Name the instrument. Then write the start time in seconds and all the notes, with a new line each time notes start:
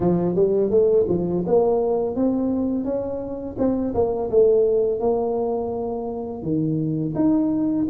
tuba
0.00 F3
0.35 G3
0.70 A3
1.08 F3
1.46 A#3
2.15 C4
2.84 C#4
3.58 C4
3.94 A#3
4.30 A3
5.00 A#3
6.42 D#3
7.15 D#4